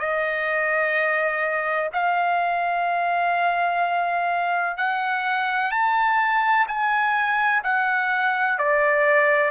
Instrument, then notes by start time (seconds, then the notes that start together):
trumpet
0.00 D#5
1.93 F5
4.77 F#5
5.71 A5
6.68 G#5
7.64 F#5
8.59 D5